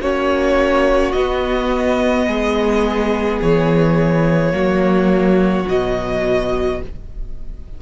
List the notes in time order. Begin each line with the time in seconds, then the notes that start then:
0.00 A#3 C#4 F#4 C#5
1.12 B3 D#5
2.26 G#3 G#4
3.42 E3 C#5
4.51 F#3 A#3 F#4
5.67 B2 F#3 D#5